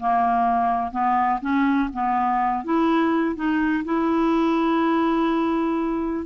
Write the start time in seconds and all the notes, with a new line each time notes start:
0.00 A#3
0.92 B3
1.41 C#4
1.93 B3
2.64 E4
3.36 D#4
3.85 E4